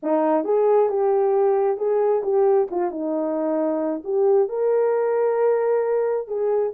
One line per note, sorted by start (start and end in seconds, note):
0.02 0.44 D#4
0.44 0.89 G#4
0.89 1.77 G4
1.77 2.22 G#4
2.23 2.67 G4
2.70 2.90 F4
2.90 4.02 D#4
4.03 4.48 G4
4.48 6.27 A#4
6.27 6.72 G#4